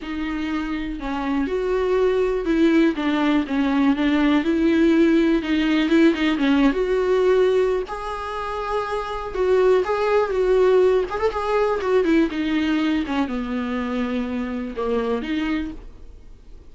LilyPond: \new Staff \with { instrumentName = "viola" } { \time 4/4 \tempo 4 = 122 dis'2 cis'4 fis'4~ | fis'4 e'4 d'4 cis'4 | d'4 e'2 dis'4 | e'8 dis'8 cis'8. fis'2~ fis'16 |
gis'2. fis'4 | gis'4 fis'4. gis'16 a'16 gis'4 | fis'8 e'8 dis'4. cis'8 b4~ | b2 ais4 dis'4 | }